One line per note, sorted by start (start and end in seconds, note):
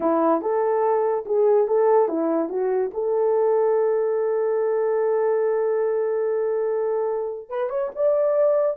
0.00 0.41 E4
0.41 1.24 A4
1.25 1.67 G#4
1.67 2.08 A4
2.08 2.49 E4
2.49 2.91 F#4
2.93 7.49 A4
7.49 7.69 B4
7.69 7.90 C#5
7.95 8.76 D5